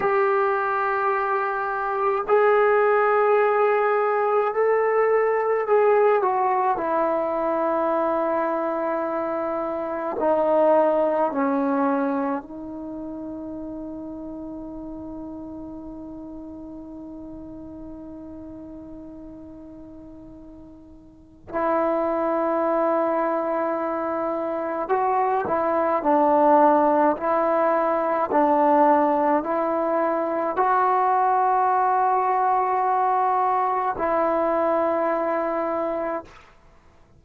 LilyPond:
\new Staff \with { instrumentName = "trombone" } { \time 4/4 \tempo 4 = 53 g'2 gis'2 | a'4 gis'8 fis'8 e'2~ | e'4 dis'4 cis'4 dis'4~ | dis'1~ |
dis'2. e'4~ | e'2 fis'8 e'8 d'4 | e'4 d'4 e'4 fis'4~ | fis'2 e'2 | }